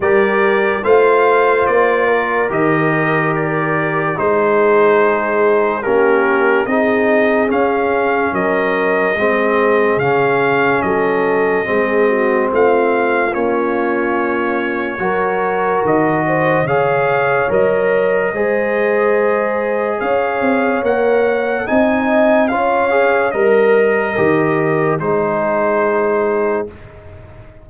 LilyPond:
<<
  \new Staff \with { instrumentName = "trumpet" } { \time 4/4 \tempo 4 = 72 d''4 f''4 d''4 dis''4 | d''4 c''2 ais'4 | dis''4 f''4 dis''2 | f''4 dis''2 f''4 |
cis''2. dis''4 | f''4 dis''2. | f''4 fis''4 gis''4 f''4 | dis''2 c''2 | }
  \new Staff \with { instrumentName = "horn" } { \time 4/4 ais'4 c''4. ais'4.~ | ais'4 gis'2 g'4 | gis'2 ais'4 gis'4~ | gis'4 a'4 gis'8 fis'8 f'4~ |
f'2 ais'4. c''8 | cis''2 c''2 | cis''2 dis''4 cis''4 | ais'2 gis'2 | }
  \new Staff \with { instrumentName = "trombone" } { \time 4/4 g'4 f'2 g'4~ | g'4 dis'2 cis'4 | dis'4 cis'2 c'4 | cis'2 c'2 |
cis'2 fis'2 | gis'4 ais'4 gis'2~ | gis'4 ais'4 dis'4 f'8 gis'8 | ais'4 g'4 dis'2 | }
  \new Staff \with { instrumentName = "tuba" } { \time 4/4 g4 a4 ais4 dis4~ | dis4 gis2 ais4 | c'4 cis'4 fis4 gis4 | cis4 fis4 gis4 a4 |
ais2 fis4 dis4 | cis4 fis4 gis2 | cis'8 c'8 ais4 c'4 cis'4 | g4 dis4 gis2 | }
>>